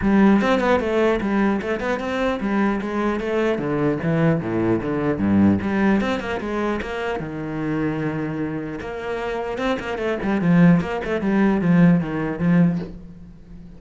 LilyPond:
\new Staff \with { instrumentName = "cello" } { \time 4/4 \tempo 4 = 150 g4 c'8 b8 a4 g4 | a8 b8 c'4 g4 gis4 | a4 d4 e4 a,4 | d4 g,4 g4 c'8 ais8 |
gis4 ais4 dis2~ | dis2 ais2 | c'8 ais8 a8 g8 f4 ais8 a8 | g4 f4 dis4 f4 | }